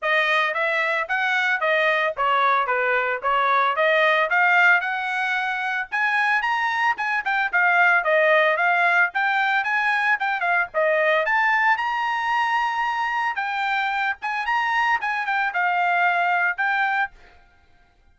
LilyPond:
\new Staff \with { instrumentName = "trumpet" } { \time 4/4 \tempo 4 = 112 dis''4 e''4 fis''4 dis''4 | cis''4 b'4 cis''4 dis''4 | f''4 fis''2 gis''4 | ais''4 gis''8 g''8 f''4 dis''4 |
f''4 g''4 gis''4 g''8 f''8 | dis''4 a''4 ais''2~ | ais''4 g''4. gis''8 ais''4 | gis''8 g''8 f''2 g''4 | }